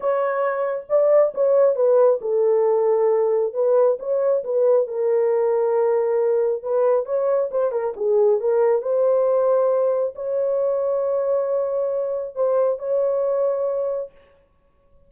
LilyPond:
\new Staff \with { instrumentName = "horn" } { \time 4/4 \tempo 4 = 136 cis''2 d''4 cis''4 | b'4 a'2. | b'4 cis''4 b'4 ais'4~ | ais'2. b'4 |
cis''4 c''8 ais'8 gis'4 ais'4 | c''2. cis''4~ | cis''1 | c''4 cis''2. | }